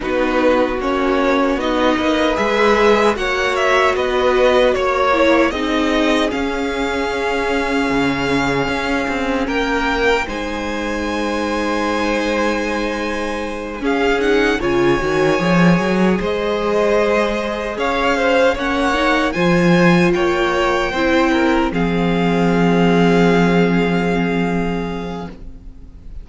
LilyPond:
<<
  \new Staff \with { instrumentName = "violin" } { \time 4/4 \tempo 4 = 76 b'4 cis''4 dis''4 e''4 | fis''8 e''8 dis''4 cis''4 dis''4 | f''1 | g''4 gis''2.~ |
gis''4. f''8 fis''8 gis''4.~ | gis''8 dis''2 f''4 fis''8~ | fis''8 gis''4 g''2 f''8~ | f''1 | }
  \new Staff \with { instrumentName = "violin" } { \time 4/4 fis'2~ fis'8 b'4. | cis''4 b'4 cis''4 gis'4~ | gis'1 | ais'4 c''2.~ |
c''4. gis'4 cis''4.~ | cis''8 c''2 cis''8 c''8 cis''8~ | cis''8 c''4 cis''4 c''8 ais'8 gis'8~ | gis'1 | }
  \new Staff \with { instrumentName = "viola" } { \time 4/4 dis'4 cis'4 dis'4 gis'4 | fis'2~ fis'8 e'8 dis'4 | cis'1~ | cis'4 dis'2.~ |
dis'4. cis'8 dis'8 f'8 fis'8 gis'8~ | gis'2.~ gis'8 cis'8 | dis'8 f'2 e'4 c'8~ | c'1 | }
  \new Staff \with { instrumentName = "cello" } { \time 4/4 b4 ais4 b8 ais8 gis4 | ais4 b4 ais4 c'4 | cis'2 cis4 cis'8 c'8 | ais4 gis2.~ |
gis4. cis'4 cis8 dis8 f8 | fis8 gis2 cis'4 ais8~ | ais8 f4 ais4 c'4 f8~ | f1 | }
>>